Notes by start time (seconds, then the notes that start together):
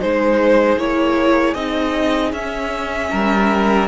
0.00 G#3 D#4 G#4 C5
0.77 A#3 E4 C#5
1.54 C4 D#4 D#5
2.32 C#4 E5
3.11 G3 A#4